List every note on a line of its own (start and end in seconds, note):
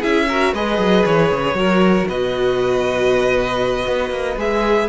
0.00 0.53 C#4
0.00 0.28 E4
0.00 0.26 G#4
0.00 0.54 E5
0.29 0.55 F#4
0.29 0.54 A#4
0.53 0.78 G#3
0.53 1.55 G#4
0.53 1.57 B4
0.53 1.05 D#5
0.78 1.04 F#3
1.05 1.32 E3
1.05 2.08 C#5
1.32 1.54 C#3
1.54 2.05 F#3
1.54 4.37 F#4
1.54 2.09 A#4
2.08 3.87 B2
2.08 4.89 B4
2.08 4.39 D#5
3.87 4.11 B3
4.11 4.36 A#3
4.37 4.88 G#3
4.37 4.89 G#4
4.37 4.89 E5